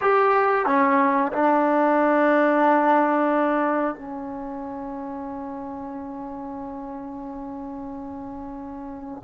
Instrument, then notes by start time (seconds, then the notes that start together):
trombone
0.01 G4
0.66 C#4
1.32 D4
3.95 C#4